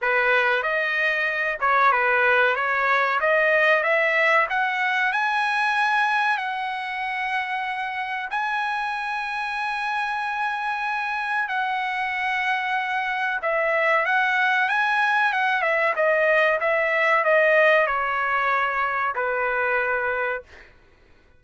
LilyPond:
\new Staff \with { instrumentName = "trumpet" } { \time 4/4 \tempo 4 = 94 b'4 dis''4. cis''8 b'4 | cis''4 dis''4 e''4 fis''4 | gis''2 fis''2~ | fis''4 gis''2.~ |
gis''2 fis''2~ | fis''4 e''4 fis''4 gis''4 | fis''8 e''8 dis''4 e''4 dis''4 | cis''2 b'2 | }